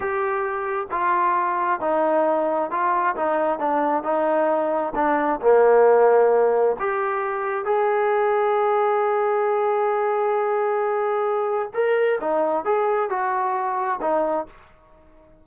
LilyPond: \new Staff \with { instrumentName = "trombone" } { \time 4/4 \tempo 4 = 133 g'2 f'2 | dis'2 f'4 dis'4 | d'4 dis'2 d'4 | ais2. g'4~ |
g'4 gis'2.~ | gis'1~ | gis'2 ais'4 dis'4 | gis'4 fis'2 dis'4 | }